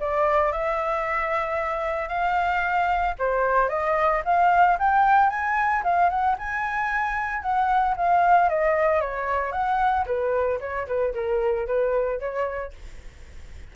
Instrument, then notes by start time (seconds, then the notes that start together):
flute
0.00 D5
0.52 E5
2.09 F5
3.19 C5
3.69 D#5
4.25 F5
4.79 G5
5.30 G#5
5.84 F5
6.09 F#5
6.38 G#5
7.42 F#5
7.96 F5
8.49 D#5
9.01 C#5
9.52 F#5
10.06 B4
10.60 C#5
10.87 B4
11.14 A#4
11.67 B4
12.19 C#5